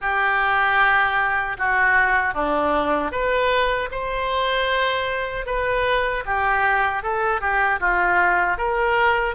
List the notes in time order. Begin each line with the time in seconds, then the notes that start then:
0.01 G4
1.58 F#4
2.33 D4
3.11 B4
3.91 C5
5.45 B4
6.25 G4
7.02 A4
7.40 G4
7.80 F4
8.57 A#4